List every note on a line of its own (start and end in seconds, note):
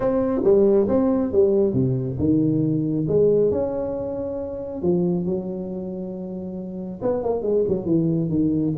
0.00 0.41 C4
0.44 0.87 G3
0.88 1.31 C4
1.31 1.73 G3
1.73 2.17 C3
2.19 3.06 D#3
3.08 3.51 G#3
3.51 4.82 C#4
4.82 5.25 F3
5.25 7.00 F#3
7.02 7.23 B3
7.23 7.42 A#3
7.42 7.64 G#3
7.67 7.85 F#3
7.85 8.29 E3
8.29 8.73 D#3